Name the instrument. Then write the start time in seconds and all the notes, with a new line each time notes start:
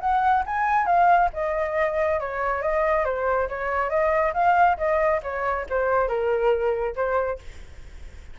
flute
0.00 F#5
0.46 G#5
0.86 F5
1.33 D#5
2.20 C#5
2.62 D#5
3.05 C5
3.49 C#5
3.90 D#5
4.34 F5
4.77 D#5
5.23 C#5
5.70 C5
6.08 A#4
6.95 C5